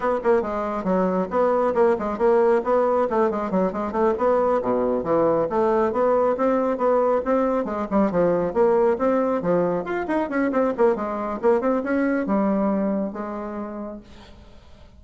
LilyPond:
\new Staff \with { instrumentName = "bassoon" } { \time 4/4 \tempo 4 = 137 b8 ais8 gis4 fis4 b4 | ais8 gis8 ais4 b4 a8 gis8 | fis8 gis8 a8 b4 b,4 e8~ | e8 a4 b4 c'4 b8~ |
b8 c'4 gis8 g8 f4 ais8~ | ais8 c'4 f4 f'8 dis'8 cis'8 | c'8 ais8 gis4 ais8 c'8 cis'4 | g2 gis2 | }